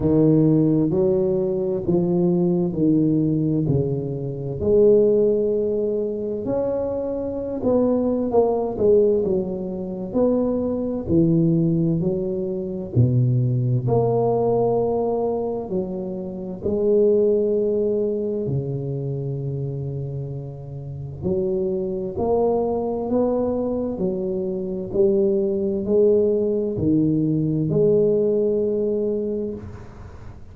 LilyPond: \new Staff \with { instrumentName = "tuba" } { \time 4/4 \tempo 4 = 65 dis4 fis4 f4 dis4 | cis4 gis2 cis'4~ | cis'16 b8. ais8 gis8 fis4 b4 | e4 fis4 b,4 ais4~ |
ais4 fis4 gis2 | cis2. fis4 | ais4 b4 fis4 g4 | gis4 dis4 gis2 | }